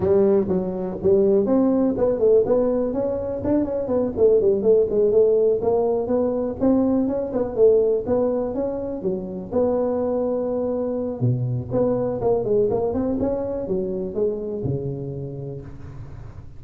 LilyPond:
\new Staff \with { instrumentName = "tuba" } { \time 4/4 \tempo 4 = 123 g4 fis4 g4 c'4 | b8 a8 b4 cis'4 d'8 cis'8 | b8 a8 g8 a8 gis8 a4 ais8~ | ais8 b4 c'4 cis'8 b8 a8~ |
a8 b4 cis'4 fis4 b8~ | b2. b,4 | b4 ais8 gis8 ais8 c'8 cis'4 | fis4 gis4 cis2 | }